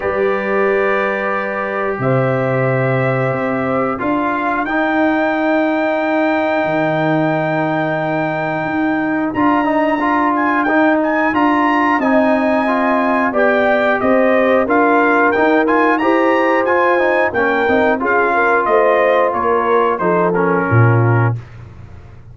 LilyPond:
<<
  \new Staff \with { instrumentName = "trumpet" } { \time 4/4 \tempo 4 = 90 d''2. e''4~ | e''2 f''4 g''4~ | g''1~ | g''2 ais''4. gis''8 |
g''8 gis''8 ais''4 gis''2 | g''4 dis''4 f''4 g''8 gis''8 | ais''4 gis''4 g''4 f''4 | dis''4 cis''4 c''8 ais'4. | }
  \new Staff \with { instrumentName = "horn" } { \time 4/4 b'2. c''4~ | c''2 ais'2~ | ais'1~ | ais'1~ |
ais'2 dis''2 | d''4 c''4 ais'2 | c''2 ais'4 gis'8 ais'8 | c''4 ais'4 a'4 f'4 | }
  \new Staff \with { instrumentName = "trombone" } { \time 4/4 g'1~ | g'2 f'4 dis'4~ | dis'1~ | dis'2 f'8 dis'8 f'4 |
dis'4 f'4 dis'4 f'4 | g'2 f'4 dis'8 f'8 | g'4 f'8 dis'8 cis'8 dis'8 f'4~ | f'2 dis'8 cis'4. | }
  \new Staff \with { instrumentName = "tuba" } { \time 4/4 g2. c4~ | c4 c'4 d'4 dis'4~ | dis'2 dis2~ | dis4 dis'4 d'2 |
dis'4 d'4 c'2 | b4 c'4 d'4 dis'4 | e'4 f'4 ais8 c'8 cis'4 | a4 ais4 f4 ais,4 | }
>>